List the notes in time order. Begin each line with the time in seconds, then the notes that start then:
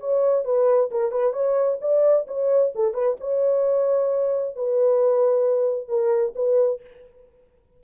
0.00 C#5
0.45 B4
0.91 A#4
1.12 B4
1.33 C#5
1.81 D5
2.28 C#5
2.75 A4
2.94 B4
3.20 C#5
4.56 B4
5.88 A#4
6.36 B4